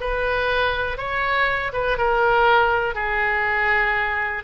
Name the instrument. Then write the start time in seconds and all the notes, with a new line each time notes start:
oboe
0.00 B4
0.97 C#5
1.73 B4
1.97 A#4
2.94 G#4